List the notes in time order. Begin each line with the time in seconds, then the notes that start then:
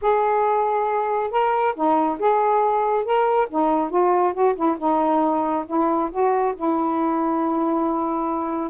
0.01 G#4
1.30 A#4
1.75 D#4
2.19 G#4
3.04 A#4
3.50 D#4
3.90 F4
4.33 F#4
4.55 E4
4.78 D#4
5.66 E4
6.11 F#4
6.56 E4